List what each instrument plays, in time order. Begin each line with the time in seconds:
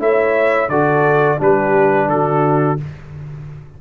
0.00 tuba A3, trombone E4, horn C#5, trumpet E5
0.69 tuba D3, trombone F#4, horn A4, trumpet D5
1.38 tuba G3, trombone D4, horn G4, trumpet B4
2.09 tuba D3, horn F#4, trumpet A4